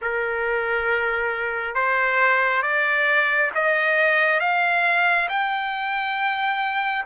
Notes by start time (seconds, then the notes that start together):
0.01 A#4
1.74 C5
2.62 D5
3.55 D#5
4.40 F5
5.28 G5